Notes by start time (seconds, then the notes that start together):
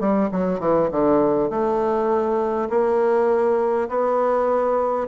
0.00 G3
0.32 F#3
0.60 E3
0.91 D3
1.50 A3
2.70 A#3
3.89 B3